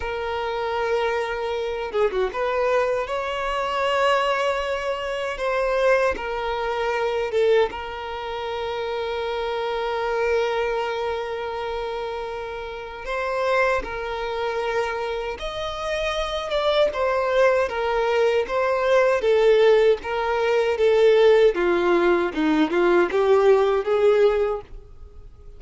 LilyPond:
\new Staff \with { instrumentName = "violin" } { \time 4/4 \tempo 4 = 78 ais'2~ ais'8 gis'16 fis'16 b'4 | cis''2. c''4 | ais'4. a'8 ais'2~ | ais'1~ |
ais'4 c''4 ais'2 | dis''4. d''8 c''4 ais'4 | c''4 a'4 ais'4 a'4 | f'4 dis'8 f'8 g'4 gis'4 | }